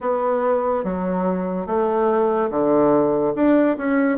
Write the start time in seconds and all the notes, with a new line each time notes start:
0.00 B3
0.83 F#3
1.66 A3
2.50 D3
3.35 D4
3.77 C#4